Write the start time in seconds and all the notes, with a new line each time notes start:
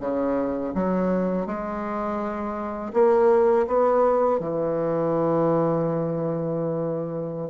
0.00 C#3
0.75 F#3
1.46 G#3
2.93 A#3
3.67 B3
4.40 E3